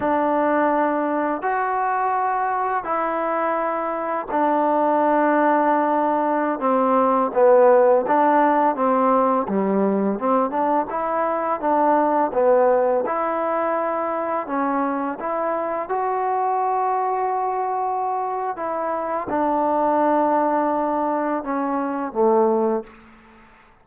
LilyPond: \new Staff \with { instrumentName = "trombone" } { \time 4/4 \tempo 4 = 84 d'2 fis'2 | e'2 d'2~ | d'4~ d'16 c'4 b4 d'8.~ | d'16 c'4 g4 c'8 d'8 e'8.~ |
e'16 d'4 b4 e'4.~ e'16~ | e'16 cis'4 e'4 fis'4.~ fis'16~ | fis'2 e'4 d'4~ | d'2 cis'4 a4 | }